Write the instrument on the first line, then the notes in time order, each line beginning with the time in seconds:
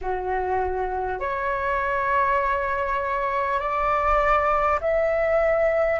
flute
0.01 F#4
1.19 C#5
3.59 D5
4.81 E5